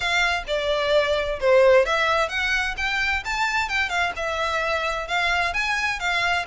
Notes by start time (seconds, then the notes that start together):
0.00 F5
0.47 D5
1.40 C5
1.85 E5
2.28 F#5
2.77 G5
3.24 A5
3.69 G5
3.89 F5
4.16 E5
5.07 F5
5.53 G#5
5.99 F5